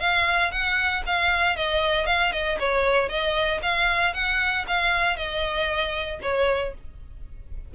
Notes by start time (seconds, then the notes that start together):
0.00 F5
0.51 F#5
1.06 F5
1.56 D#5
2.06 F5
2.32 D#5
2.59 C#5
3.09 D#5
3.62 F5
4.14 F#5
4.67 F5
5.17 D#5
6.22 C#5